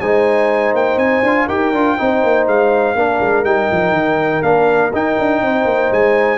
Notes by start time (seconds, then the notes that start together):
0.00 G#3 D#4 C5 G#5
0.73 A#3 G5
0.96 C4 G#5
1.23 D4 F4
1.47 D#4 G4 A#4 G5
1.72 D4 F4
1.98 C4 D#4 C5
2.23 A#3
2.47 G#3 F5
2.95 A#3 D4 A#4
3.20 G#3
3.44 G3 D#4 G5
3.71 F3
3.92 D#3
4.42 A#3 D4 F5
4.93 D#4 G5
5.19 D4
5.41 C4 C5
5.65 A#3
5.91 G#3 G#5